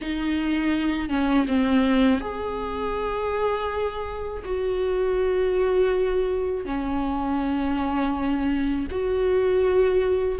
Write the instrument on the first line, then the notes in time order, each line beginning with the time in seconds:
viola
0.01 D#4
1.09 C#4
1.47 C4
2.20 G#4
4.44 F#4
6.65 C#4
8.91 F#4